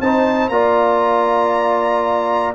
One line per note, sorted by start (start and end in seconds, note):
0.00 0.49 C4
0.00 0.51 D#4
0.00 0.53 C5
0.00 0.49 A5
0.49 2.54 A#3
0.49 2.54 F4
0.49 2.54 D5
0.49 2.54 A#5